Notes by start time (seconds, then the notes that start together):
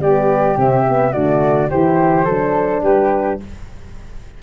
0.00 G3 B3 G4 D5
0.56 C3 C4 E5
0.88 B3
1.10 D3 A3 F#4 D5
1.69 E3 E4 G4 C5
2.25 F#3 D4 A4
2.82 G3 G4 B4